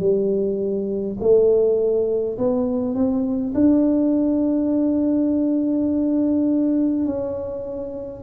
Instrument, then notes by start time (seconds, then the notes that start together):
tuba
0.00 G3
1.20 A3
2.39 B3
2.95 C4
3.55 D4
7.06 C#4